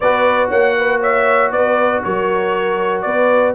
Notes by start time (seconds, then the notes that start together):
0.00 B3 F#4 B4 D5
0.48 A#3 C#5 F#5
0.77 B4
1.00 C#5 E5
1.51 B3 B4 D5
2.03 F#3 A#4 C#5
3.01 B3 B4 D5